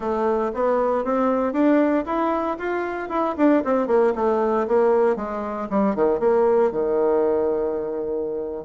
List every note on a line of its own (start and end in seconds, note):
0.00 0.51 A3
0.54 1.04 B3
1.04 1.52 C4
1.52 2.04 D4
2.05 2.57 E4
2.58 3.09 F4
3.09 3.35 E4
3.37 3.63 D4
3.64 3.87 C4
3.87 4.13 A#3
4.15 4.67 A3
4.67 5.16 A#3
5.16 5.68 G#3
5.70 5.95 G3
5.95 6.19 D#3
6.19 6.71 A#3
6.71 8.65 D#3